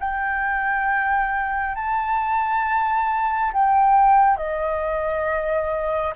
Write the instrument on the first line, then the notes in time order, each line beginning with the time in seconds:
flute
0.00 G5
1.75 A5
3.53 G5
4.37 D#5